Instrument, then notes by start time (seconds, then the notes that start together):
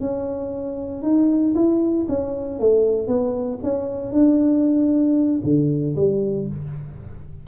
tuba
0.00 C#4
1.02 D#4
1.55 E4
2.09 C#4
2.60 A3
3.07 B3
3.63 C#4
4.12 D4
5.44 D3
5.96 G3